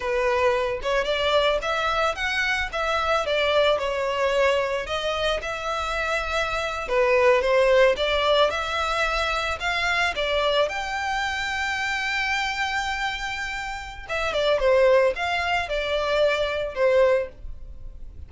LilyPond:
\new Staff \with { instrumentName = "violin" } { \time 4/4 \tempo 4 = 111 b'4. cis''8 d''4 e''4 | fis''4 e''4 d''4 cis''4~ | cis''4 dis''4 e''2~ | e''8. b'4 c''4 d''4 e''16~ |
e''4.~ e''16 f''4 d''4 g''16~ | g''1~ | g''2 e''8 d''8 c''4 | f''4 d''2 c''4 | }